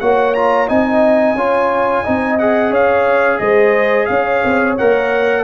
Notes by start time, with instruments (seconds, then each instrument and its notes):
0.00 tuba A#3, trombone F#4, horn C#5, trumpet F#5
0.34 trombone F4, trumpet A#5
0.68 tuba C4, trombone D#4, horn D#5, trumpet G#5
1.34 tuba C#4, trombone F4, horn C#5
2.03 tuba C4, trombone D#4, horn D#5
2.39 trombone G#4, trumpet F#5
2.70 tuba C#4, horn C#5, trumpet F5
3.38 tuba G#3, horn C5, trumpet D#5
4.06 tuba C#4, horn C#5, trumpet F5
4.45 tuba C4
4.78 tuba A#3, trombone A#4, trumpet F#5